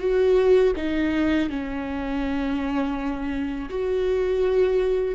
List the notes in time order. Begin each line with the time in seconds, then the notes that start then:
0.00 F#4
0.76 D#4
1.50 C#4
3.70 F#4